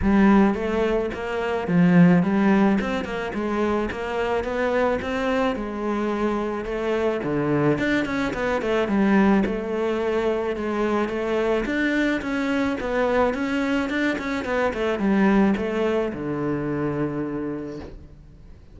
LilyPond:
\new Staff \with { instrumentName = "cello" } { \time 4/4 \tempo 4 = 108 g4 a4 ais4 f4 | g4 c'8 ais8 gis4 ais4 | b4 c'4 gis2 | a4 d4 d'8 cis'8 b8 a8 |
g4 a2 gis4 | a4 d'4 cis'4 b4 | cis'4 d'8 cis'8 b8 a8 g4 | a4 d2. | }